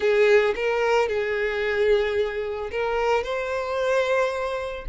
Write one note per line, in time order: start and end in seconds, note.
0.00 0.54 G#4
0.55 1.08 A#4
1.08 2.70 G#4
2.71 3.23 A#4
3.23 4.85 C5